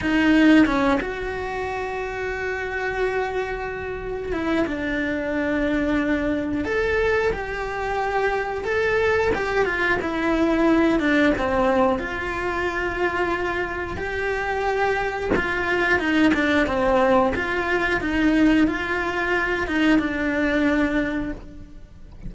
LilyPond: \new Staff \with { instrumentName = "cello" } { \time 4/4 \tempo 4 = 90 dis'4 cis'8 fis'2~ fis'8~ | fis'2~ fis'8 e'8 d'4~ | d'2 a'4 g'4~ | g'4 a'4 g'8 f'8 e'4~ |
e'8 d'8 c'4 f'2~ | f'4 g'2 f'4 | dis'8 d'8 c'4 f'4 dis'4 | f'4. dis'8 d'2 | }